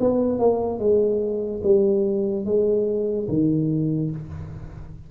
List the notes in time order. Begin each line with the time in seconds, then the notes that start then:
0.00 B3
0.39 A#3
0.79 G#3
1.63 G3
2.45 G#3
3.28 D#3